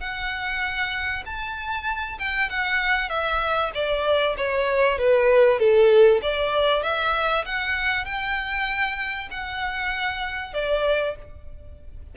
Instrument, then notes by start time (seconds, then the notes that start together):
violin
0.00 F#5
1.26 A5
2.18 G5
2.50 F#5
3.09 E5
3.74 D5
4.37 C#5
4.98 B4
5.59 A4
6.22 D5
6.83 E5
7.45 F#5
8.05 G5
9.31 F#5
10.54 D5